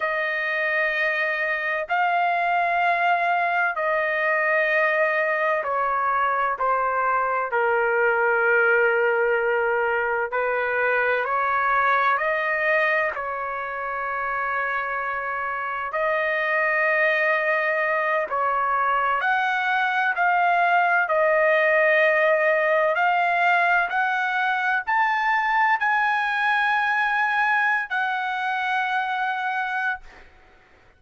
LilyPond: \new Staff \with { instrumentName = "trumpet" } { \time 4/4 \tempo 4 = 64 dis''2 f''2 | dis''2 cis''4 c''4 | ais'2. b'4 | cis''4 dis''4 cis''2~ |
cis''4 dis''2~ dis''8 cis''8~ | cis''8 fis''4 f''4 dis''4.~ | dis''8 f''4 fis''4 a''4 gis''8~ | gis''4.~ gis''16 fis''2~ fis''16 | }